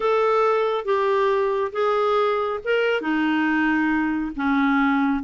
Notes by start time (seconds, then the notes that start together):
0.00 A4
0.84 G4
1.72 G#4
2.64 A#4
3.01 D#4
4.36 C#4